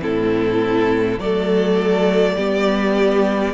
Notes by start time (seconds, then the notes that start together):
0.00 A2 C4 E4 A4
1.18 F#3 A3 A4 D5
2.36 G3 B3 G4